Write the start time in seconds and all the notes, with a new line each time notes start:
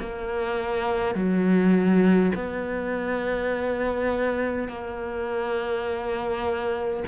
0.00 A#3
1.15 F#3
2.35 B3
4.68 A#3